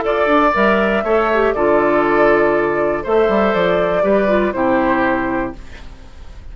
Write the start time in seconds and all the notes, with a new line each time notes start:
0.00 F4 A4 D5
0.26 D4
0.54 G3 A#4 E5
1.03 A3 A4 C#5
1.34 G4
1.53 D3 F4 A4 D5
3.03 A3 A4 C5 E5
3.28 G3
3.54 F3 D5
4.03 G3 G4 B4
4.28 F4
4.52 C3 E4 G4 C5